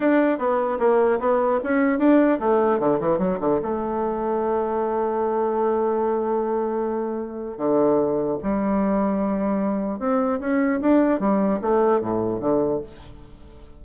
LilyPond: \new Staff \with { instrumentName = "bassoon" } { \time 4/4 \tempo 4 = 150 d'4 b4 ais4 b4 | cis'4 d'4 a4 d8 e8 | fis8 d8 a2.~ | a1~ |
a2. d4~ | d4 g2.~ | g4 c'4 cis'4 d'4 | g4 a4 a,4 d4 | }